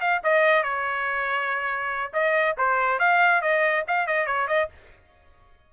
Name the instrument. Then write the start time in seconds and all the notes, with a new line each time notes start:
trumpet
0.00 F5
0.23 D#5
0.63 C#5
2.13 D#5
2.57 C5
2.99 F5
3.41 D#5
3.87 F5
4.06 D#5
4.26 C#5
4.47 D#5